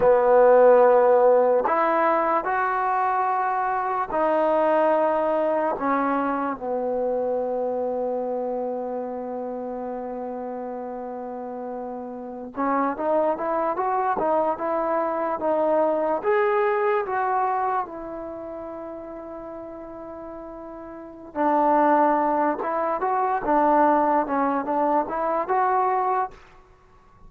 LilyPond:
\new Staff \with { instrumentName = "trombone" } { \time 4/4 \tempo 4 = 73 b2 e'4 fis'4~ | fis'4 dis'2 cis'4 | b1~ | b2.~ b16 cis'8 dis'16~ |
dis'16 e'8 fis'8 dis'8 e'4 dis'4 gis'16~ | gis'8. fis'4 e'2~ e'16~ | e'2 d'4. e'8 | fis'8 d'4 cis'8 d'8 e'8 fis'4 | }